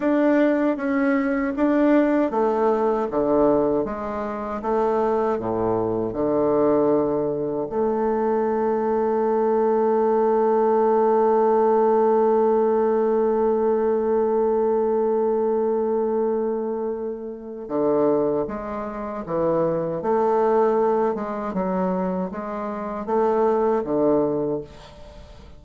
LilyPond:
\new Staff \with { instrumentName = "bassoon" } { \time 4/4 \tempo 4 = 78 d'4 cis'4 d'4 a4 | d4 gis4 a4 a,4 | d2 a2~ | a1~ |
a1~ | a2. d4 | gis4 e4 a4. gis8 | fis4 gis4 a4 d4 | }